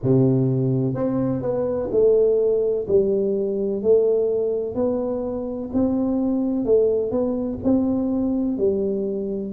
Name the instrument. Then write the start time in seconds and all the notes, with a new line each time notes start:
tuba
0.03 C3
0.94 C4
1.42 B3
1.90 A3
2.87 G3
3.82 A3
4.74 B3
5.73 C4
6.65 A3
7.11 B3
7.63 C4
8.57 G3